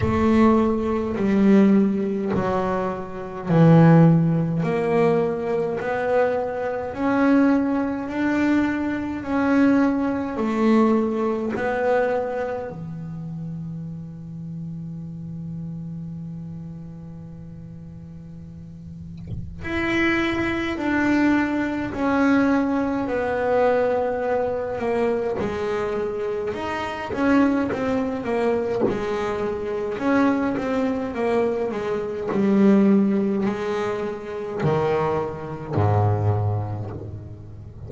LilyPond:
\new Staff \with { instrumentName = "double bass" } { \time 4/4 \tempo 4 = 52 a4 g4 fis4 e4 | ais4 b4 cis'4 d'4 | cis'4 a4 b4 e4~ | e1~ |
e4 e'4 d'4 cis'4 | b4. ais8 gis4 dis'8 cis'8 | c'8 ais8 gis4 cis'8 c'8 ais8 gis8 | g4 gis4 dis4 gis,4 | }